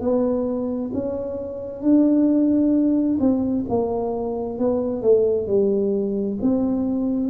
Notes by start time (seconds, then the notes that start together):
0.00 B3
0.93 C#4
1.81 D4
3.19 C4
3.69 A#3
4.58 B3
5.02 A3
5.47 G3
6.42 C4